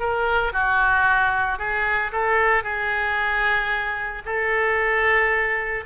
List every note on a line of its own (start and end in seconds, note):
0.00 0.53 A#4
0.53 1.59 F#4
1.59 2.12 G#4
2.12 2.64 A4
2.64 4.23 G#4
4.25 5.85 A4